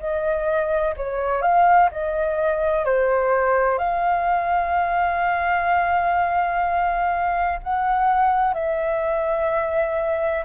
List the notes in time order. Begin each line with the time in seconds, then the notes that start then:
0.00 D#5
0.97 C#5
1.42 F5
1.92 D#5
2.86 C5
3.79 F5
7.64 F#5
8.55 E5